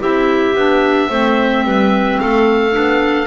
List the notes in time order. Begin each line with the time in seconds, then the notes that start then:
0.00 C4 E4 G4 E5
0.54 B3 D4
1.09 A3 C4 C5
1.65 G3 B4
2.20 A3 A4 F5
2.72 B3 D4